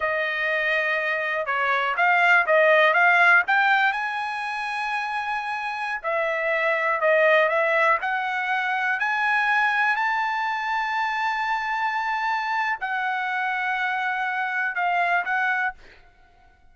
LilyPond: \new Staff \with { instrumentName = "trumpet" } { \time 4/4 \tempo 4 = 122 dis''2. cis''4 | f''4 dis''4 f''4 g''4 | gis''1~ | gis''16 e''2 dis''4 e''8.~ |
e''16 fis''2 gis''4.~ gis''16~ | gis''16 a''2.~ a''8.~ | a''2 fis''2~ | fis''2 f''4 fis''4 | }